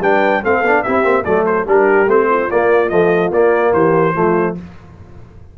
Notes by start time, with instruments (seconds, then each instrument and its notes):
0.00 tuba G3, trombone D4, horn B4, trumpet G5
0.43 tuba A3, trombone C4, horn A4, trumpet F5
0.62 tuba B3, trombone D4
0.83 tuba C4, trombone E4, horn G4, trumpet E5
1.03 tuba A#3, trombone C4
1.24 tuba F#3, trombone A3, horn A4, trumpet D5
1.46 trumpet C5
1.66 tuba G3, trombone D4, horn G4, trumpet A#4
2.07 tuba A3, trombone C4, trumpet C5
2.29 horn F4
2.51 tuba A#3, trombone A#3, trumpet D5
2.89 trombone F3, tuba A3, trumpet D#5
3.31 tuba A#3, trombone A#3, trumpet D5
3.73 tuba E3, horn G4, trumpet C5
4.14 tuba F3, trombone A3, horn F4